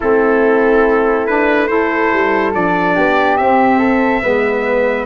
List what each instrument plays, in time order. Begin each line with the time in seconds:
0.00 tuba A3, saxophone C4, flute E4, trumpet A4
1.27 saxophone D4, trumpet B4
1.67 saxophone E4, flute A4, trumpet C5
2.12 tuba G3
2.53 tuba F3, saxophone D4, trumpet D5
2.95 tuba B3, flute G4
3.37 tuba C4, saxophone C4, trumpet E5
3.78 flute A4
4.22 tuba G#3, saxophone B3, flute B4